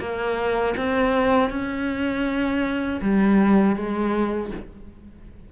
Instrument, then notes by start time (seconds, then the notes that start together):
cello
0.00 A#3
0.77 C4
1.50 C#4
3.02 G3
3.76 G#3